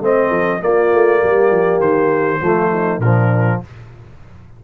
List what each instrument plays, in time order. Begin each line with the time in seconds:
0.00 tuba A3, trombone C4, horn C5, trumpet D#5
0.29 tuba F3, horn A4
0.60 trombone A#3, tuba A#3, horn F4, trumpet D5
0.93 tuba A3
1.20 tuba G3, horn G4
1.51 tuba F3
1.79 tuba D#3, trumpet C5
2.41 tuba F3, trombone A3, horn F4
2.70 horn D#4
2.98 tuba A#2, trombone F3, horn D4, trumpet A#4